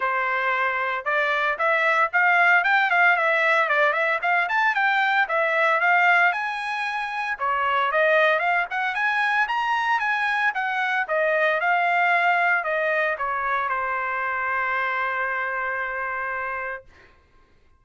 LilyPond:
\new Staff \with { instrumentName = "trumpet" } { \time 4/4 \tempo 4 = 114 c''2 d''4 e''4 | f''4 g''8 f''8 e''4 d''8 e''8 | f''8 a''8 g''4 e''4 f''4 | gis''2 cis''4 dis''4 |
f''8 fis''8 gis''4 ais''4 gis''4 | fis''4 dis''4 f''2 | dis''4 cis''4 c''2~ | c''1 | }